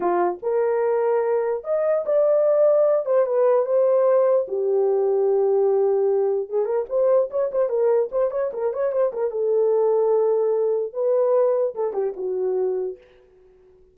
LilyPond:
\new Staff \with { instrumentName = "horn" } { \time 4/4 \tempo 4 = 148 f'4 ais'2. | dis''4 d''2~ d''8 c''8 | b'4 c''2 g'4~ | g'1 |
gis'8 ais'8 c''4 cis''8 c''8 ais'4 | c''8 cis''8 ais'8 cis''8 c''8 ais'8 a'4~ | a'2. b'4~ | b'4 a'8 g'8 fis'2 | }